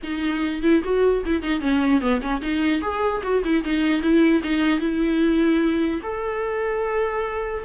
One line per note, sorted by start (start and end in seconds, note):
0.03 0.62 D#4
0.62 0.82 E4
0.83 1.24 F#4
1.25 1.42 E4
1.42 1.61 D#4
1.61 2.00 C#4
2.00 2.21 B3
2.21 2.41 C#4
2.41 2.81 D#4
2.81 3.22 G#4
3.22 3.42 F#4
3.44 3.64 E4
3.64 4.01 D#4
4.01 4.41 E4
4.43 4.79 D#4
4.79 6.00 E4
6.02 7.63 A4